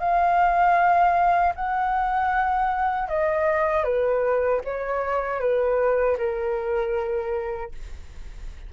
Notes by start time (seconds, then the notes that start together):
0.00 F5
1.56 F#5
3.09 D#5
3.84 B4
4.65 C#5
5.40 B4
6.18 A#4